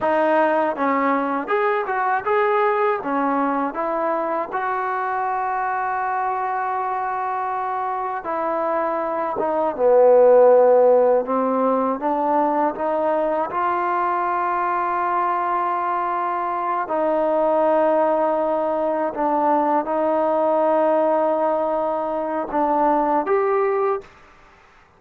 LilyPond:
\new Staff \with { instrumentName = "trombone" } { \time 4/4 \tempo 4 = 80 dis'4 cis'4 gis'8 fis'8 gis'4 | cis'4 e'4 fis'2~ | fis'2. e'4~ | e'8 dis'8 b2 c'4 |
d'4 dis'4 f'2~ | f'2~ f'8 dis'4.~ | dis'4. d'4 dis'4.~ | dis'2 d'4 g'4 | }